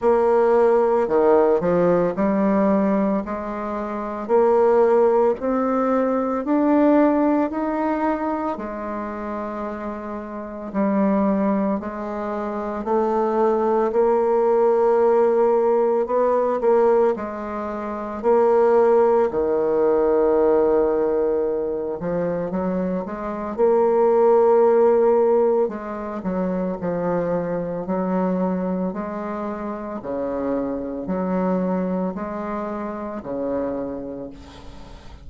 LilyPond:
\new Staff \with { instrumentName = "bassoon" } { \time 4/4 \tempo 4 = 56 ais4 dis8 f8 g4 gis4 | ais4 c'4 d'4 dis'4 | gis2 g4 gis4 | a4 ais2 b8 ais8 |
gis4 ais4 dis2~ | dis8 f8 fis8 gis8 ais2 | gis8 fis8 f4 fis4 gis4 | cis4 fis4 gis4 cis4 | }